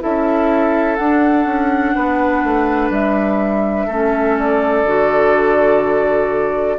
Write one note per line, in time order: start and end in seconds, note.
0.00 0.99 C#4
0.00 0.97 E4
0.00 1.95 A4
0.00 0.97 E5
0.97 1.46 D4
0.97 3.90 D4
0.97 2.90 F#5
1.46 1.94 C#4
1.95 2.44 B3
1.95 3.86 B4
2.44 2.90 A3
2.90 3.87 G3
2.90 4.38 E5
3.86 4.83 A3
3.86 4.87 C#4
3.86 6.77 A4
4.38 6.79 D5
4.83 6.77 D3
4.83 6.79 F#4